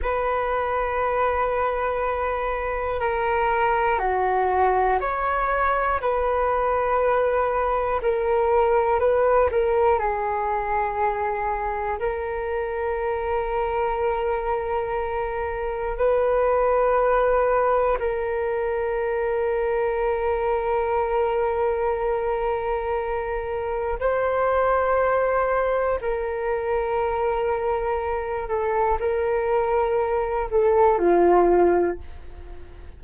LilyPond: \new Staff \with { instrumentName = "flute" } { \time 4/4 \tempo 4 = 60 b'2. ais'4 | fis'4 cis''4 b'2 | ais'4 b'8 ais'8 gis'2 | ais'1 |
b'2 ais'2~ | ais'1 | c''2 ais'2~ | ais'8 a'8 ais'4. a'8 f'4 | }